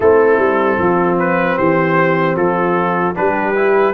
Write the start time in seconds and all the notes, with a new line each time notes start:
0.00 A3 C4 E4 A4
0.38 G3
0.78 F3 F4
1.19 B4
1.57 E3 G4 C5
2.36 F3 F4 A4
3.14 G3 D4 G4 B4
3.55 E4